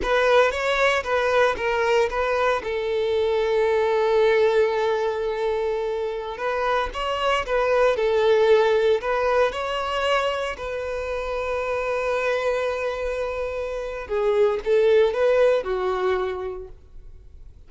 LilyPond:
\new Staff \with { instrumentName = "violin" } { \time 4/4 \tempo 4 = 115 b'4 cis''4 b'4 ais'4 | b'4 a'2.~ | a'1~ | a'16 b'4 cis''4 b'4 a'8.~ |
a'4~ a'16 b'4 cis''4.~ cis''16~ | cis''16 b'2.~ b'8.~ | b'2. gis'4 | a'4 b'4 fis'2 | }